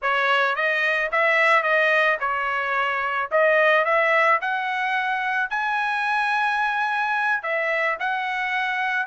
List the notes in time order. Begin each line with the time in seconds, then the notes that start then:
0.02 C#5
0.55 D#5
1.11 E5
1.62 D#5
2.19 C#5
3.31 D#5
3.84 E5
4.41 F#5
5.50 G#5
7.43 E5
7.99 F#5